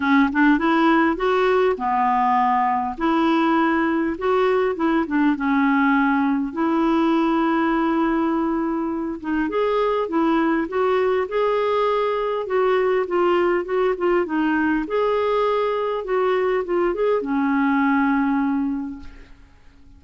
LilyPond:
\new Staff \with { instrumentName = "clarinet" } { \time 4/4 \tempo 4 = 101 cis'8 d'8 e'4 fis'4 b4~ | b4 e'2 fis'4 | e'8 d'8 cis'2 e'4~ | e'2.~ e'8 dis'8 |
gis'4 e'4 fis'4 gis'4~ | gis'4 fis'4 f'4 fis'8 f'8 | dis'4 gis'2 fis'4 | f'8 gis'8 cis'2. | }